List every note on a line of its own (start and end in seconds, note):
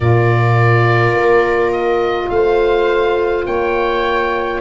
0.00 1.12 A#2
0.00 4.61 F4
0.00 2.31 A#4
0.00 1.72 D5
1.12 2.28 A#3
1.72 2.29 D#5
2.29 3.45 A3
2.29 3.47 C5
2.29 3.45 F5
3.45 4.61 A#3
3.45 4.61 C#5
3.45 4.61 G5